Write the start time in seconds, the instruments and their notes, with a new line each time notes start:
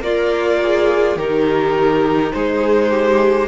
0.00 cello A#3, violin F4 D5, viola A#4
0.63 viola G#4
1.16 cello D#3, violin D#4 A#4, viola G4
2.33 cello G#3, viola G#4, violin C5
2.90 viola G4